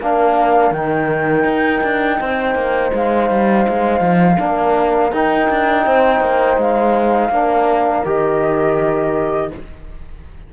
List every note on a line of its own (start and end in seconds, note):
0.00 0.71 A#3
0.00 0.74 D4
0.00 2.19 A#4
0.00 0.72 F5
0.71 1.44 D#3
0.71 4.38 D#4
0.71 2.92 G5
1.44 1.80 D#4
1.83 2.19 D4
2.19 2.54 C4
2.19 4.39 C5
2.54 2.91 A#3
2.93 3.30 G#3
2.93 5.13 F5
3.30 3.66 G3
3.68 4.00 G#3
4.00 4.37 F3
4.38 5.12 A#3
4.38 5.11 D4
4.38 5.85 A#4
5.12 5.48 D#4
5.12 7.32 D#4
5.12 6.59 G5
5.50 5.86 D4
5.85 6.20 C4
5.85 7.31 C5
6.20 6.57 A#3
6.57 7.29 G#3
6.57 8.06 F5
7.29 8.02 A#3
7.29 8.05 D4
7.29 9.51 A#4
8.05 9.51 D#3
8.05 9.51 G4
8.05 9.53 D#5